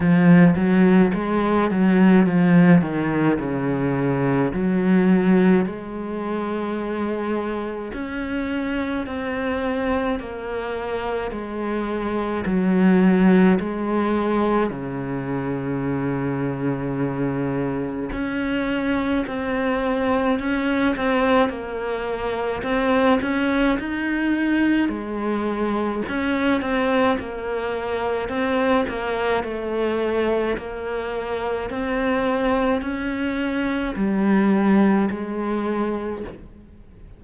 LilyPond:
\new Staff \with { instrumentName = "cello" } { \time 4/4 \tempo 4 = 53 f8 fis8 gis8 fis8 f8 dis8 cis4 | fis4 gis2 cis'4 | c'4 ais4 gis4 fis4 | gis4 cis2. |
cis'4 c'4 cis'8 c'8 ais4 | c'8 cis'8 dis'4 gis4 cis'8 c'8 | ais4 c'8 ais8 a4 ais4 | c'4 cis'4 g4 gis4 | }